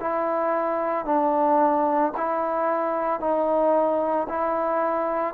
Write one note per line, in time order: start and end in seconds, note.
0.00 1.05 E4
1.05 2.12 D4
2.16 3.19 E4
3.19 4.27 D#4
4.28 5.34 E4